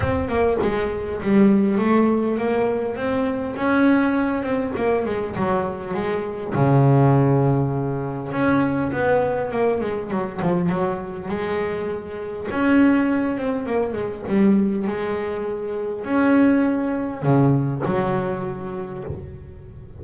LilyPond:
\new Staff \with { instrumentName = "double bass" } { \time 4/4 \tempo 4 = 101 c'8 ais8 gis4 g4 a4 | ais4 c'4 cis'4. c'8 | ais8 gis8 fis4 gis4 cis4~ | cis2 cis'4 b4 |
ais8 gis8 fis8 f8 fis4 gis4~ | gis4 cis'4. c'8 ais8 gis8 | g4 gis2 cis'4~ | cis'4 cis4 fis2 | }